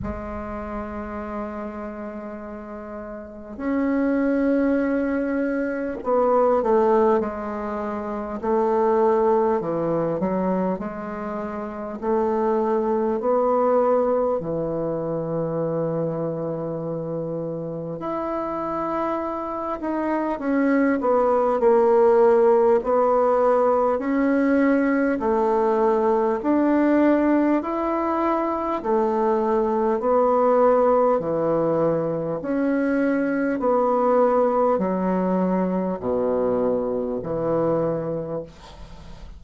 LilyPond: \new Staff \with { instrumentName = "bassoon" } { \time 4/4 \tempo 4 = 50 gis2. cis'4~ | cis'4 b8 a8 gis4 a4 | e8 fis8 gis4 a4 b4 | e2. e'4~ |
e'8 dis'8 cis'8 b8 ais4 b4 | cis'4 a4 d'4 e'4 | a4 b4 e4 cis'4 | b4 fis4 b,4 e4 | }